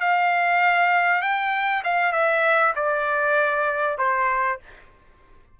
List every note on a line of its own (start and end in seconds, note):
0.00 1.21 F5
1.21 1.82 G5
1.84 2.12 F5
2.12 2.73 E5
2.76 3.98 D5
3.98 4.59 C5